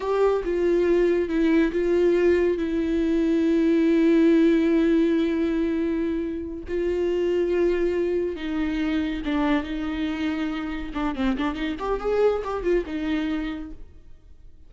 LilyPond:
\new Staff \with { instrumentName = "viola" } { \time 4/4 \tempo 4 = 140 g'4 f'2 e'4 | f'2 e'2~ | e'1~ | e'2.~ e'8 f'8~ |
f'2.~ f'8 dis'8~ | dis'4. d'4 dis'4.~ | dis'4. d'8 c'8 d'8 dis'8 g'8 | gis'4 g'8 f'8 dis'2 | }